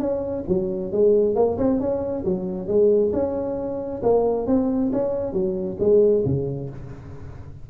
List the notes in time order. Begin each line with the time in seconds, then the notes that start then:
0.00 C#4
0.48 F#3
0.92 G#3
1.35 A#3
1.58 C4
1.80 C#4
2.25 F#3
2.68 G#3
3.13 C#4
4.03 A#3
4.47 C4
4.93 C#4
5.33 F#3
5.80 G#3
6.25 C#3